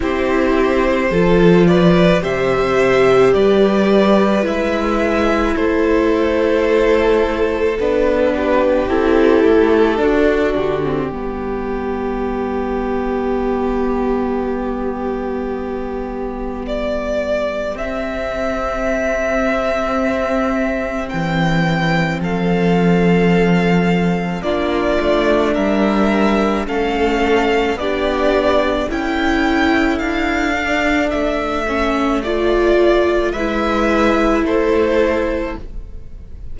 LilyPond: <<
  \new Staff \with { instrumentName = "violin" } { \time 4/4 \tempo 4 = 54 c''4. d''8 e''4 d''4 | e''4 c''2 b'4 | a'4. g'2~ g'8~ | g'2. d''4 |
e''2. g''4 | f''2 d''4 e''4 | f''4 d''4 g''4 f''4 | e''4 d''4 e''4 c''4 | }
  \new Staff \with { instrumentName = "violin" } { \time 4/4 g'4 a'8 b'8 c''4 b'4~ | b'4 a'2~ a'8 g'8~ | g'4 fis'4 g'2~ | g'1~ |
g'1 | a'2 f'4 ais'4 | a'4 g'4 a'2~ | a'2 b'4 a'4 | }
  \new Staff \with { instrumentName = "viola" } { \time 4/4 e'4 f'4 g'2 | e'2. d'4 | e'4 d'8. c'16 b2~ | b1 |
c'1~ | c'2 d'2 | cis'4 d'4 e'4. d'8~ | d'8 cis'8 f'4 e'2 | }
  \new Staff \with { instrumentName = "cello" } { \time 4/4 c'4 f4 c4 g4 | gis4 a2 b4 | c'8 a8 d'8 d8 g2~ | g1 |
c'2. e4 | f2 ais8 a8 g4 | a4 b4 cis'4 d'4 | a2 gis4 a4 | }
>>